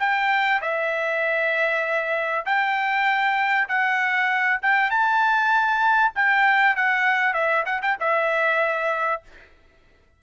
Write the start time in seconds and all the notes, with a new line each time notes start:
0.00 G5
0.62 E5
2.46 G5
3.69 F#5
4.62 G5
4.91 A5
6.16 G5
6.77 F#5
7.34 E5
7.66 F#5
7.82 G5
8.00 E5